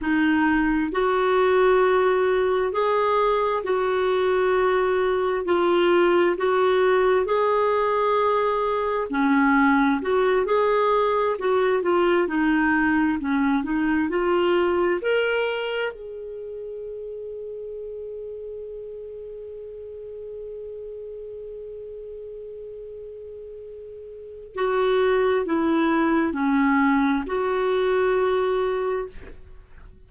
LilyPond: \new Staff \with { instrumentName = "clarinet" } { \time 4/4 \tempo 4 = 66 dis'4 fis'2 gis'4 | fis'2 f'4 fis'4 | gis'2 cis'4 fis'8 gis'8~ | gis'8 fis'8 f'8 dis'4 cis'8 dis'8 f'8~ |
f'8 ais'4 gis'2~ gis'8~ | gis'1~ | gis'2. fis'4 | e'4 cis'4 fis'2 | }